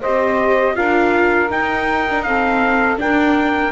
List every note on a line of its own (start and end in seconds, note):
0.00 0.77 C4
0.00 0.74 G4
0.00 0.74 C5
0.00 0.75 D#5
0.74 1.51 D4
0.74 1.48 F4
0.74 2.25 A#4
0.74 1.50 F5
1.49 2.05 D#4
1.49 2.99 D#4
1.49 2.22 G5
2.09 2.26 D4
2.22 2.96 C4
2.22 2.99 A4
2.22 2.96 F5
2.96 3.70 D4
2.96 3.72 D4
2.96 3.72 A#4
2.96 3.72 G5